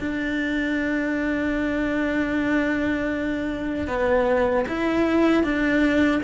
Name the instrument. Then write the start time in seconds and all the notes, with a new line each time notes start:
cello
0.00 D4
3.87 B3
4.68 E4
5.43 D4